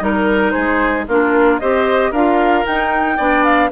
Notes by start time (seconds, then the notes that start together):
0.00 G3 D#4 A#4
0.51 G#4 C5
0.57 G#3
1.07 A#3 D4 F4 A#4
1.59 C4 G4 C5 D#5
2.11 D4 F4 A#4 F5
2.65 D#4 G5
3.17 B3 D4 D5
3.44 F5